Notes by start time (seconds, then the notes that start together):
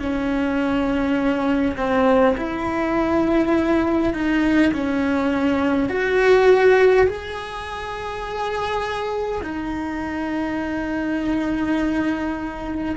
0.00 C#4
1.77 C4
2.37 E4
4.14 D#4
4.74 C#4
5.89 F#4
7.07 G#4
9.43 D#4